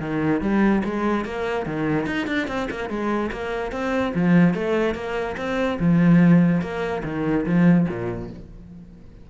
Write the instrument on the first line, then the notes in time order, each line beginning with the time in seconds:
cello
0.00 D#3
0.42 G3
0.85 G#3
1.25 A#3
1.66 D#3
2.07 D#4
2.27 D4
2.48 C4
2.71 A#3
2.90 G#3
3.32 A#3
3.72 C4
4.15 F3
4.54 A3
4.95 A#3
5.37 C4
5.80 F3
6.62 A#3
7.04 D#3
7.46 F3
7.89 A#2